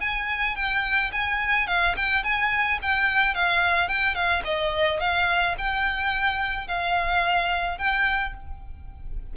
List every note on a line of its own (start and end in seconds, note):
0.00 0.55 G#5
0.55 1.11 G5
1.12 1.67 G#5
1.67 1.95 F5
1.96 2.23 G5
2.23 2.79 G#5
2.82 3.34 G5
3.34 3.88 F5
3.88 4.14 G5
4.14 4.42 F5
4.44 5.00 D#5
5.00 5.55 F5
5.58 6.67 G5
6.67 7.78 F5
7.78 8.33 G5